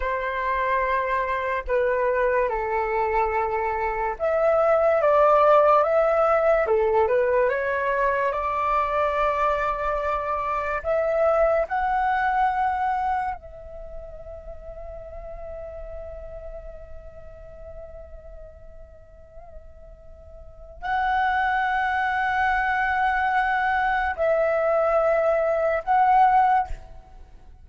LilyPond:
\new Staff \with { instrumentName = "flute" } { \time 4/4 \tempo 4 = 72 c''2 b'4 a'4~ | a'4 e''4 d''4 e''4 | a'8 b'8 cis''4 d''2~ | d''4 e''4 fis''2 |
e''1~ | e''1~ | e''4 fis''2.~ | fis''4 e''2 fis''4 | }